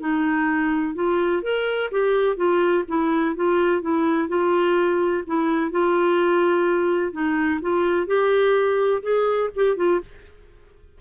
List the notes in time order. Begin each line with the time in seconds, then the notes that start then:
0.00 D#4
0.95 F4
1.43 A#4
1.92 G4
2.37 F4
2.88 E4
3.36 F4
3.82 E4
4.29 F4
5.27 E4
5.71 F4
7.13 D#4
7.62 F4
8.07 G4
9.03 G#4
9.56 G4
9.77 F4